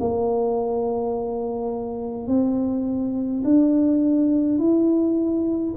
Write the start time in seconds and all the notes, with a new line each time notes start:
0.00 A#3
2.28 C4
3.44 D4
4.59 E4